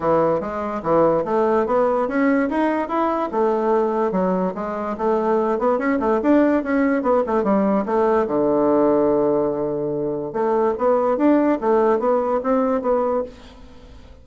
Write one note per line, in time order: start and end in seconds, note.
0.00 0.40 E3
0.40 0.81 G#3
0.82 1.24 E3
1.25 1.66 A3
1.66 2.07 B3
2.07 2.49 C#4
2.49 2.88 D#4
2.88 3.29 E4
3.31 4.11 A3
4.11 4.53 F#3
4.54 4.96 G#3
4.97 5.58 A3
5.58 5.78 B3
5.78 5.98 C#4
5.99 6.20 A3
6.22 6.63 D4
6.63 7.02 C#4
7.02 7.23 B3
7.26 7.43 A3
7.43 7.84 G3
7.85 8.26 A3
8.27 10.32 D3
10.32 10.74 A3
10.77 11.17 B3
11.17 11.58 D4
11.61 11.99 A3
11.99 12.40 B3
12.43 12.81 C4
12.81 13.23 B3